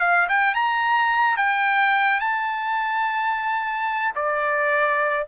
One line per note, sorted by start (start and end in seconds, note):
0.00 0.28 F5
0.29 0.54 G5
0.54 1.37 A#5
1.37 2.20 G5
2.20 4.14 A5
4.15 5.26 D5